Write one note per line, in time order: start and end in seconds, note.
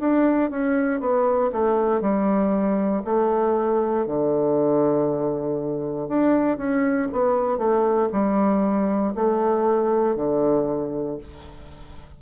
0.00 0.51 D4
0.51 1.01 C#4
1.01 1.52 B3
1.53 2.02 A3
2.02 3.03 G3
3.05 4.07 A3
4.07 6.09 D3
6.09 6.58 D4
6.58 7.09 C#4
7.13 7.58 B3
7.58 8.09 A3
8.13 9.14 G3
9.16 10.16 A3
10.16 11.18 D3